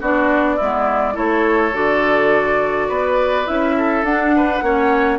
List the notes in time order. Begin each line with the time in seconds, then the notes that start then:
0.00 B3 D4 F#4 D5
0.56 G#3 B3 E4
1.13 A3 E4 A4 C#5
1.73 D3 F#4 D5
2.88 B3 B4
3.46 C#4 E4 E5
3.77 A4
4.03 D4 F#5
4.36 B4
4.62 A#3 C#4 C#5